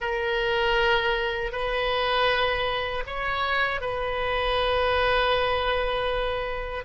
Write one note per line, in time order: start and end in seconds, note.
0.00 1.52 A#4
1.52 3.03 B4
3.06 3.80 C#5
3.80 6.84 B4